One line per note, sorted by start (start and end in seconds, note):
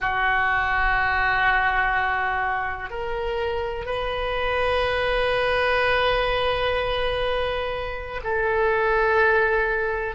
0.00 2.90 F#4
2.90 3.85 A#4
3.85 8.20 B4
8.23 10.15 A4